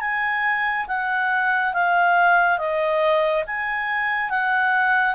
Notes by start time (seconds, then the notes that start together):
0.00 G#5
0.87 F#5
1.73 F5
2.58 D#5
3.46 G#5
4.29 F#5